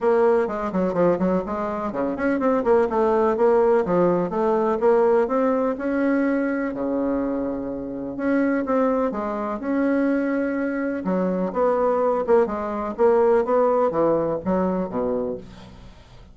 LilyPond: \new Staff \with { instrumentName = "bassoon" } { \time 4/4 \tempo 4 = 125 ais4 gis8 fis8 f8 fis8 gis4 | cis8 cis'8 c'8 ais8 a4 ais4 | f4 a4 ais4 c'4 | cis'2 cis2~ |
cis4 cis'4 c'4 gis4 | cis'2. fis4 | b4. ais8 gis4 ais4 | b4 e4 fis4 b,4 | }